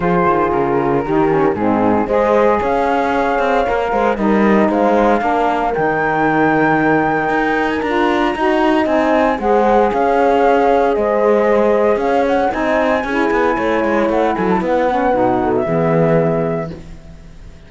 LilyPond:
<<
  \new Staff \with { instrumentName = "flute" } { \time 4/4 \tempo 4 = 115 c''4 ais'2 gis'4 | dis''4 f''2. | dis''4 f''2 g''4~ | g''2~ g''8. gis''16 ais''4~ |
ais''4 gis''4 fis''4 f''4~ | f''4 dis''2 f''8 fis''8 | gis''2. fis''8 gis''16 a''16 | fis''4.~ fis''16 e''2~ e''16 | }
  \new Staff \with { instrumentName = "horn" } { \time 4/4 gis'2 g'4 dis'4 | c''4 cis''2~ cis''8 c''8 | ais'4 c''4 ais'2~ | ais'1 |
dis''2 c''4 cis''4~ | cis''4 c''2 cis''4 | dis''4 gis'4 cis''4. a'8 | b'4. a'8 gis'2 | }
  \new Staff \with { instrumentName = "saxophone" } { \time 4/4 f'2 dis'8 cis'8 c'4 | gis'2. ais'4 | dis'2 d'4 dis'4~ | dis'2. f'4 |
fis'4 dis'4 gis'2~ | gis'1 | dis'4 e'2.~ | e'8 cis'8 dis'4 b2 | }
  \new Staff \with { instrumentName = "cello" } { \time 4/4 f8 dis8 cis4 dis4 gis,4 | gis4 cis'4. c'8 ais8 gis8 | g4 gis4 ais4 dis4~ | dis2 dis'4 d'4 |
dis'4 c'4 gis4 cis'4~ | cis'4 gis2 cis'4 | c'4 cis'8 b8 a8 gis8 a8 fis8 | b4 b,4 e2 | }
>>